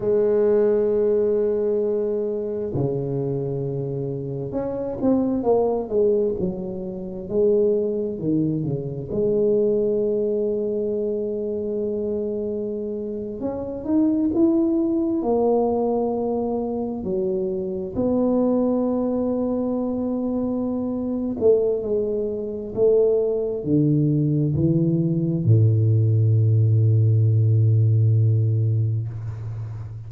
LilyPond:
\new Staff \with { instrumentName = "tuba" } { \time 4/4 \tempo 4 = 66 gis2. cis4~ | cis4 cis'8 c'8 ais8 gis8 fis4 | gis4 dis8 cis8 gis2~ | gis2~ gis8. cis'8 dis'8 e'16~ |
e'8. ais2 fis4 b16~ | b2.~ b8 a8 | gis4 a4 d4 e4 | a,1 | }